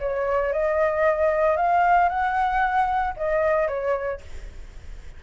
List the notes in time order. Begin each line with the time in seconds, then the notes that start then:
0.00 C#5
0.53 D#5
1.57 F5
2.09 F#5
3.17 D#5
3.68 C#5